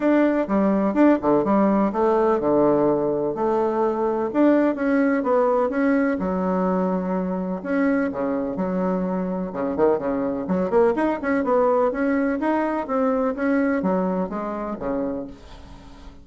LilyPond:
\new Staff \with { instrumentName = "bassoon" } { \time 4/4 \tempo 4 = 126 d'4 g4 d'8 d8 g4 | a4 d2 a4~ | a4 d'4 cis'4 b4 | cis'4 fis2. |
cis'4 cis4 fis2 | cis8 dis8 cis4 fis8 ais8 dis'8 cis'8 | b4 cis'4 dis'4 c'4 | cis'4 fis4 gis4 cis4 | }